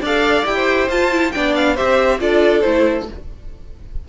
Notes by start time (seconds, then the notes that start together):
0.00 D4 A4 D5 F5
0.44 E4 G4 G5
0.55 C5
0.89 F4 A5
1.11 E4
1.32 B3 D4 D5 G5
1.55 F5
1.74 C4 G4 C5 E5
2.18 D4 F4 A4 D5
2.60 A3 E4 C5